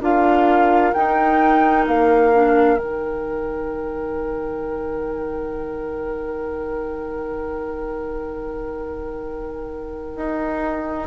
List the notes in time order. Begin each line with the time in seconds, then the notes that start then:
0.00 D4 F4 A#4 F5
0.93 D#4 G5
1.87 A#3 F5
2.33 D4
2.76 D#3 D#4 G5
10.16 D#4